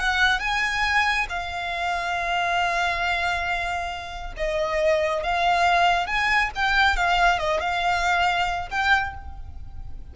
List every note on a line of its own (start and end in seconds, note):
0.00 0.40 F#5
0.40 1.27 G#5
1.29 4.34 F5
4.37 5.24 D#5
5.24 6.07 F5
6.07 6.51 G#5
6.55 6.97 G5
6.97 7.39 F5
7.39 7.61 D#5
7.61 8.70 F5
8.71 9.14 G5